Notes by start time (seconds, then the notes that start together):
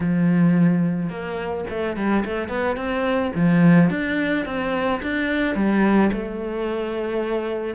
0.00 F3
1.09 A#3
1.69 A3
1.96 G3
2.24 A3
2.48 B3
2.76 C4
3.35 F3
3.89 D4
4.45 C4
5.02 D4
5.55 G3
6.12 A3